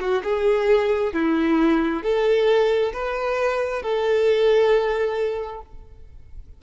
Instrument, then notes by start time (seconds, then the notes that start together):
violin
0.00 F#4
0.23 G#4
1.13 E4
2.03 A4
2.93 B4
3.82 A4